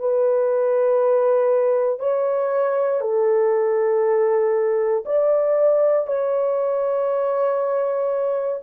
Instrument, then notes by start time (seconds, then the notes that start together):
horn
0.00 B4
2.00 C#5
3.01 A4
5.06 D5
6.07 C#5